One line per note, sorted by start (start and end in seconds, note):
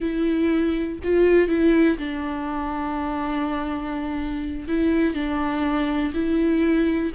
0.00 0.99 E4
1.03 1.48 F4
1.48 1.97 E4
1.98 4.68 D4
4.68 5.14 E4
5.14 6.12 D4
6.14 7.12 E4